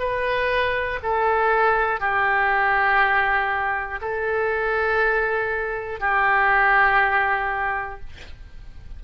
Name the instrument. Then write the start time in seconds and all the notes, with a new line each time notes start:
oboe
0.00 B4
1.03 A4
2.00 G4
4.02 A4
6.01 G4